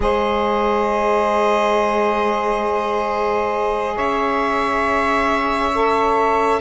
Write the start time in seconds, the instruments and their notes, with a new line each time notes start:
0.00 cello G#3, saxophone G#4 C5, violin D#5
3.95 cello C#4, saxophone C#5, violin E5
5.74 saxophone A4